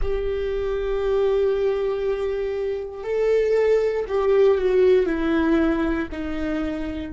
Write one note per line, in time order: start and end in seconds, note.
0.01 3.03 G4
3.03 4.05 A4
4.08 4.58 G4
4.58 5.06 F#4
5.06 6.07 E4
6.11 7.12 D#4